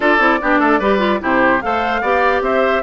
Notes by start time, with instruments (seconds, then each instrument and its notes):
0.00 bassoon D4, clarinet F4, oboe A4, flute D5
0.18 bassoon C4, clarinet E4
0.41 bassoon B3, clarinet D4, oboe G4
0.59 bassoon A3, oboe A4
0.79 bassoon G3, clarinet G4, oboe B4
0.98 clarinet F4
1.20 bassoon C3, clarinet E4, oboe G4
1.26 flute C5
1.61 bassoon A3, clarinet A4, oboe C5, flute F5
2.01 bassoon B3, clarinet G4, oboe D5
2.41 bassoon C4, oboe C5, flute E5